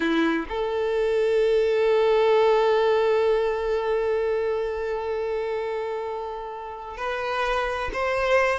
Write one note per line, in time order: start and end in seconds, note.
0.00 0.46 E4
0.48 6.97 A4
6.97 7.90 B4
7.93 8.59 C5